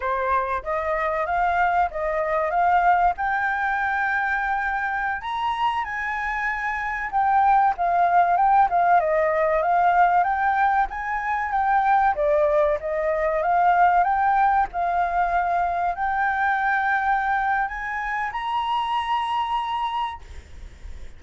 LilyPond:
\new Staff \with { instrumentName = "flute" } { \time 4/4 \tempo 4 = 95 c''4 dis''4 f''4 dis''4 | f''4 g''2.~ | g''16 ais''4 gis''2 g''8.~ | g''16 f''4 g''8 f''8 dis''4 f''8.~ |
f''16 g''4 gis''4 g''4 d''8.~ | d''16 dis''4 f''4 g''4 f''8.~ | f''4~ f''16 g''2~ g''8. | gis''4 ais''2. | }